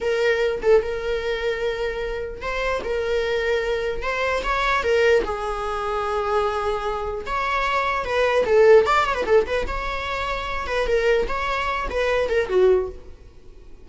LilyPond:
\new Staff \with { instrumentName = "viola" } { \time 4/4 \tempo 4 = 149 ais'4. a'8 ais'2~ | ais'2 c''4 ais'4~ | ais'2 c''4 cis''4 | ais'4 gis'2.~ |
gis'2 cis''2 | b'4 a'4 d''8 cis''16 b'16 a'8 b'8 | cis''2~ cis''8 b'8 ais'4 | cis''4. b'4 ais'8 fis'4 | }